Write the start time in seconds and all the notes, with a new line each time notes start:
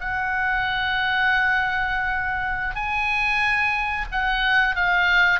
0.00 F#5
2.75 G#5
4.11 F#5
4.76 F5